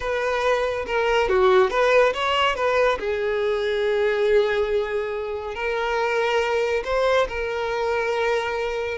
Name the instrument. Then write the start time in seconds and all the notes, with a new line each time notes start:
violin
0.00 B4
0.86 A#4
1.28 F#4
1.70 B4
2.13 C#5
2.55 B4
2.99 G#4
5.54 A#4
6.84 C5
7.28 A#4